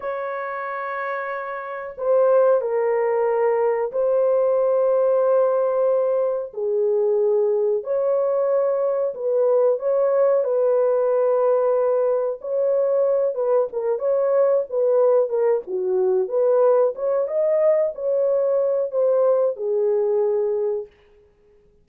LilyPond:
\new Staff \with { instrumentName = "horn" } { \time 4/4 \tempo 4 = 92 cis''2. c''4 | ais'2 c''2~ | c''2 gis'2 | cis''2 b'4 cis''4 |
b'2. cis''4~ | cis''8 b'8 ais'8 cis''4 b'4 ais'8 | fis'4 b'4 cis''8 dis''4 cis''8~ | cis''4 c''4 gis'2 | }